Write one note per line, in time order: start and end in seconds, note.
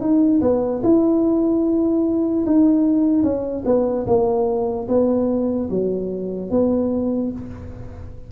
0.00 0.41 D#4
0.41 0.82 B3
0.83 2.45 E4
2.46 3.23 D#4
3.23 3.64 C#4
3.65 4.06 B3
4.06 4.87 A#3
4.88 5.69 B3
5.70 6.50 F#3
6.50 7.32 B3